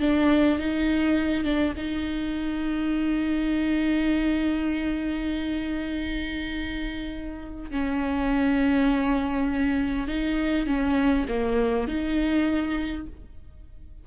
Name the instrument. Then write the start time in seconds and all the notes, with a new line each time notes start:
viola
0.00 D4
0.59 D#4
1.44 D4
1.77 D#4
7.71 C#4
10.07 D#4
10.66 C#4
11.28 A#3
11.88 D#4